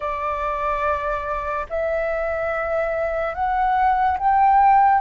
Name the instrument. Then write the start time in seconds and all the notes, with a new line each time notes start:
flute
0.00 D5
1.69 E5
3.34 F#5
4.18 G5